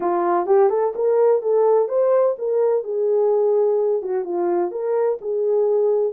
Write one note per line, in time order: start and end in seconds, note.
0.00 0.46 F4
0.46 0.69 G4
0.69 0.93 A4
0.95 1.42 A#4
1.42 1.88 A4
1.88 2.35 C5
2.38 2.83 A#4
2.83 4.02 G#4
4.02 4.24 F#4
4.24 4.71 F4
4.71 5.18 A#4
5.21 6.13 G#4